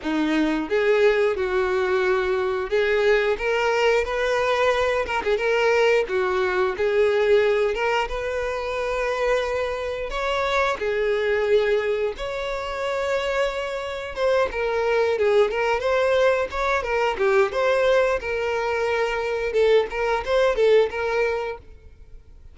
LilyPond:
\new Staff \with { instrumentName = "violin" } { \time 4/4 \tempo 4 = 89 dis'4 gis'4 fis'2 | gis'4 ais'4 b'4. ais'16 gis'16 | ais'4 fis'4 gis'4. ais'8 | b'2. cis''4 |
gis'2 cis''2~ | cis''4 c''8 ais'4 gis'8 ais'8 c''8~ | c''8 cis''8 ais'8 g'8 c''4 ais'4~ | ais'4 a'8 ais'8 c''8 a'8 ais'4 | }